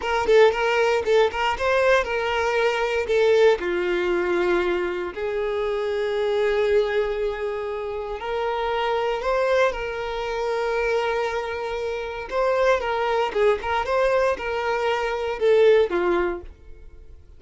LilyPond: \new Staff \with { instrumentName = "violin" } { \time 4/4 \tempo 4 = 117 ais'8 a'8 ais'4 a'8 ais'8 c''4 | ais'2 a'4 f'4~ | f'2 gis'2~ | gis'1 |
ais'2 c''4 ais'4~ | ais'1 | c''4 ais'4 gis'8 ais'8 c''4 | ais'2 a'4 f'4 | }